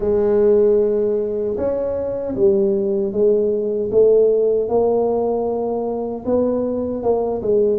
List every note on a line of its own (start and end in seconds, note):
0.00 1.56 G#3
1.57 2.35 C#4
2.36 3.12 G3
3.12 3.90 G#3
3.91 4.68 A3
4.68 6.24 A#3
6.25 7.02 B3
7.02 7.41 A#3
7.42 7.79 G#3